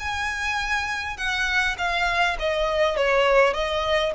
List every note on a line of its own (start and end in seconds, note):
0.00 1.18 G#5
1.18 1.76 F#5
1.79 2.37 F5
2.40 2.97 D#5
2.97 3.54 C#5
3.54 4.13 D#5